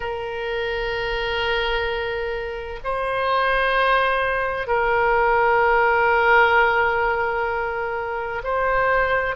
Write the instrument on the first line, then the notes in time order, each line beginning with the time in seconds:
oboe
0.00 A#4
2.84 C5
4.67 A#4
8.43 C5